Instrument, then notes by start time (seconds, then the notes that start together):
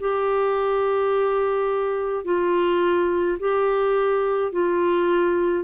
clarinet
0.00 G4
2.25 F4
3.40 G4
4.52 F4